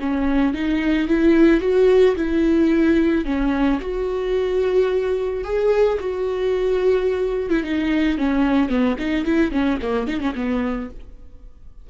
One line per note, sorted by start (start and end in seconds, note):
0.00 0.54 C#4
0.54 1.08 D#4
1.08 1.61 E4
1.61 2.15 F#4
2.16 3.25 E4
3.25 3.80 C#4
3.81 5.44 F#4
5.44 5.99 G#4
6.00 7.50 F#4
7.50 7.63 E4
7.64 8.18 D#4
8.18 8.69 C#4
8.69 8.96 B3
8.99 9.25 D#4
9.25 9.51 E4
9.51 9.79 C#4
9.82 10.07 A#3
10.07 10.20 D#4
10.20 10.34 C#4
10.35 10.90 B3